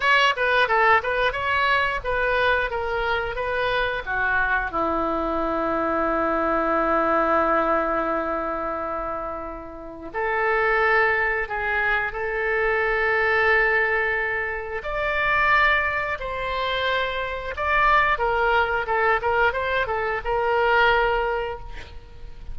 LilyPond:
\new Staff \with { instrumentName = "oboe" } { \time 4/4 \tempo 4 = 89 cis''8 b'8 a'8 b'8 cis''4 b'4 | ais'4 b'4 fis'4 e'4~ | e'1~ | e'2. a'4~ |
a'4 gis'4 a'2~ | a'2 d''2 | c''2 d''4 ais'4 | a'8 ais'8 c''8 a'8 ais'2 | }